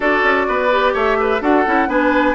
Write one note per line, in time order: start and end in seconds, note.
0.00 0.22 D4
0.00 0.69 F#4
0.00 0.47 A4
0.00 0.94 D5
0.23 0.46 C#4
0.48 0.94 B3
0.48 0.93 B4
0.71 1.40 G4
0.93 1.41 A3
0.93 1.17 C#5
0.93 1.42 E5
1.20 1.41 B4
1.40 1.65 D4
1.40 1.64 F#4
1.40 1.88 A4
1.40 1.89 F#5
1.66 1.87 C#4
1.66 1.88 E4
1.87 2.34 B3
1.87 2.35 D4
1.87 2.35 B4
1.87 2.35 G#5